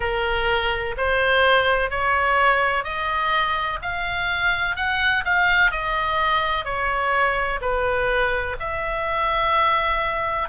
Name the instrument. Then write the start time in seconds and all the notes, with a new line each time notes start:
oboe
0.00 A#4
0.97 C5
1.90 C#5
2.84 D#5
3.82 F5
4.76 F#5
5.24 F5
5.71 D#5
6.64 C#5
7.61 B4
8.59 E5